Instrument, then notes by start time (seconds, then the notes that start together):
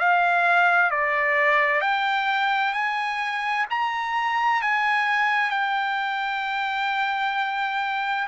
trumpet
0.00 F5
0.91 D5
1.82 G5
2.74 G#5
3.70 A#5
4.62 G#5
5.51 G5